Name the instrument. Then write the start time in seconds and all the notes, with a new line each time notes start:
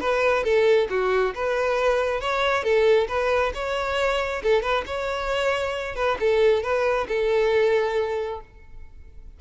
violin
0.00 B4
0.44 A4
0.90 F#4
1.35 B4
2.21 C#5
2.64 A4
3.08 B4
3.54 C#5
4.43 A4
4.62 B4
4.86 C#5
5.96 B4
6.20 A4
6.63 B4
7.08 A4